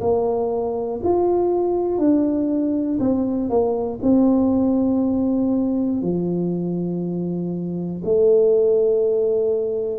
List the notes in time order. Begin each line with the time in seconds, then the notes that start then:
0.00 A#3
1.03 F4
1.98 D4
2.99 C4
3.50 A#3
4.02 C4
6.01 F3
8.04 A3